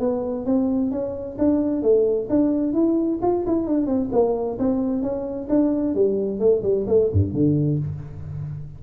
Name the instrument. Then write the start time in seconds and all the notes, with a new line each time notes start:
tuba
0.00 B3
0.46 C4
0.91 C#4
1.39 D4
1.83 A3
2.30 D4
2.74 E4
3.22 F4
3.47 E4
3.67 D4
3.87 C4
4.12 A#3
4.59 C4
5.03 C#4
5.49 D4
5.95 G3
6.40 A3
6.63 G3
6.88 A3
7.13 G2
7.33 D3